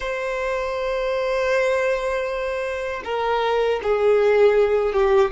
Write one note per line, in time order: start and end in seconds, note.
0.00 3.02 C5
3.04 3.80 A#4
3.82 4.93 G#4
4.93 5.31 G4